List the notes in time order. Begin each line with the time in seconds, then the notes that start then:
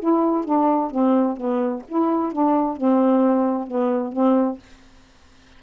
0.00 E4
0.45 D4
0.91 C4
1.37 B3
1.88 E4
2.33 D4
2.77 C4
3.68 B3
4.13 C4